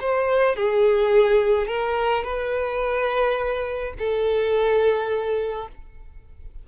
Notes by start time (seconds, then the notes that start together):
0.00 C5
0.56 G#4
1.67 A#4
2.24 B4
3.98 A4